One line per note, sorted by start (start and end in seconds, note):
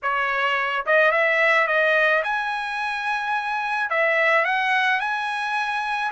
0.02 0.85 C#5
0.85 1.11 D#5
1.11 1.67 E5
1.67 2.22 D#5
2.23 3.90 G#5
3.90 4.44 E5
4.44 5.00 F#5
5.00 6.11 G#5